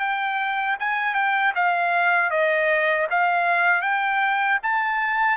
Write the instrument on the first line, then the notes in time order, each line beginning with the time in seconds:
trumpet
0.00 G5
0.80 G#5
1.14 G5
1.55 F5
2.30 D#5
3.10 F5
3.82 G5
4.63 A5